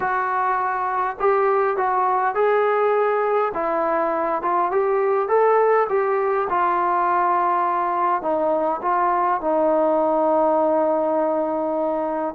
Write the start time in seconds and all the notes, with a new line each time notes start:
0.00 F#4
1.19 G4
1.76 F#4
2.34 G#4
3.53 E4
4.41 F4
4.71 G4
5.28 A4
5.89 G4
6.49 F4
8.21 D#4
8.82 F4
9.40 D#4